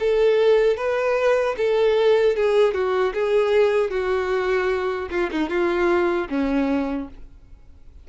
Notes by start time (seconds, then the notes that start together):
0.00 A4
0.77 B4
1.58 A4
2.36 G#4
2.74 F#4
3.14 G#4
3.91 F#4
5.11 F4
5.31 D#4
5.49 F4
6.30 C#4